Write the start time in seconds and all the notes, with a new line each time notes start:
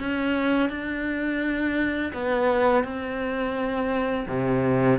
0.00 C#4
0.70 D4
2.14 B3
2.84 C4
4.29 C3